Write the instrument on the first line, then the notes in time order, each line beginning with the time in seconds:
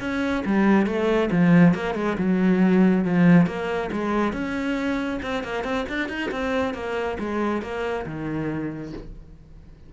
cello
0.00 C#4
0.45 G3
0.86 A3
1.31 F3
1.74 A#3
1.95 G#3
2.18 F#3
3.04 F3
3.46 A#3
3.92 G#3
4.33 C#4
5.22 C4
5.43 A#3
5.64 C4
5.89 D4
6.08 D#4
6.31 C4
6.74 A#3
7.19 G#3
7.62 A#3
8.06 D#3